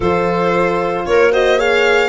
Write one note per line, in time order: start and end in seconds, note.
0.00 1.04 F3
0.00 1.32 F4
0.00 1.04 A4
0.00 1.05 C5
1.05 2.09 A#3
1.05 1.32 A#4
1.05 1.31 C#5
1.32 1.57 F#4
1.32 1.58 C5
1.32 1.59 D#5
1.57 2.09 G#4
1.57 2.09 C#5
1.57 2.09 F5